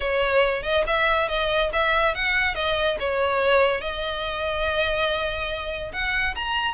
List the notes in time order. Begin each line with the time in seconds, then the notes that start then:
0.00 C#5
0.63 D#5
0.86 E5
1.28 D#5
1.72 E5
2.14 F#5
2.54 D#5
2.99 C#5
3.80 D#5
5.92 F#5
6.35 A#5